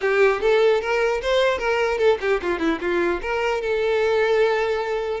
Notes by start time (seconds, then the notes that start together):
0.01 G4
0.41 A4
0.81 A#4
1.21 C5
1.58 A#4
1.98 A4
2.21 G4
2.42 F4
2.59 E4
2.81 F4
3.21 A#4
3.61 A4